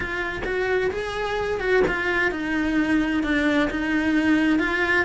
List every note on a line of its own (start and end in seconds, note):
0.00 0.42 F4
0.44 0.90 F#4
0.91 1.60 G#4
1.60 1.83 F#4
1.87 2.31 F4
2.31 3.23 D#4
3.23 3.69 D4
3.70 4.59 D#4
4.59 5.05 F4